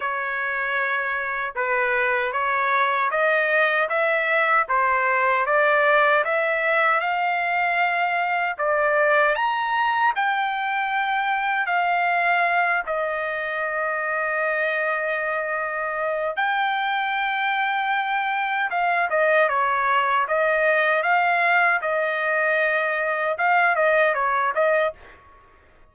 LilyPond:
\new Staff \with { instrumentName = "trumpet" } { \time 4/4 \tempo 4 = 77 cis''2 b'4 cis''4 | dis''4 e''4 c''4 d''4 | e''4 f''2 d''4 | ais''4 g''2 f''4~ |
f''8 dis''2.~ dis''8~ | dis''4 g''2. | f''8 dis''8 cis''4 dis''4 f''4 | dis''2 f''8 dis''8 cis''8 dis''8 | }